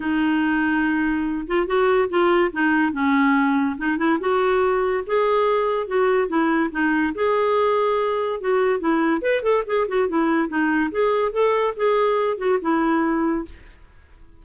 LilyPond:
\new Staff \with { instrumentName = "clarinet" } { \time 4/4 \tempo 4 = 143 dis'2.~ dis'8 f'8 | fis'4 f'4 dis'4 cis'4~ | cis'4 dis'8 e'8 fis'2 | gis'2 fis'4 e'4 |
dis'4 gis'2. | fis'4 e'4 b'8 a'8 gis'8 fis'8 | e'4 dis'4 gis'4 a'4 | gis'4. fis'8 e'2 | }